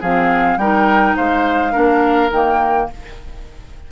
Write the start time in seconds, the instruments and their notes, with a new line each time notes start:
0.00 bassoon F3, clarinet C4, oboe G#4, flute F5
0.57 bassoon G3, clarinet D#4, oboe A#4, flute G5
1.16 bassoon G#3, oboe C5, flute F5
1.72 bassoon A#3, clarinet D4, oboe A#4
2.31 bassoon D#3, clarinet A#3, flute G5